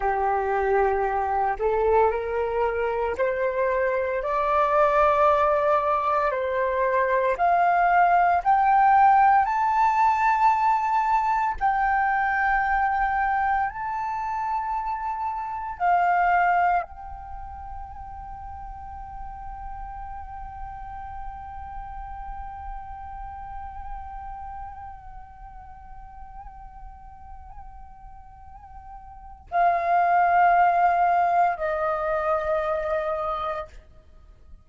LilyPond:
\new Staff \with { instrumentName = "flute" } { \time 4/4 \tempo 4 = 57 g'4. a'8 ais'4 c''4 | d''2 c''4 f''4 | g''4 a''2 g''4~ | g''4 a''2 f''4 |
g''1~ | g''1~ | g''1 | f''2 dis''2 | }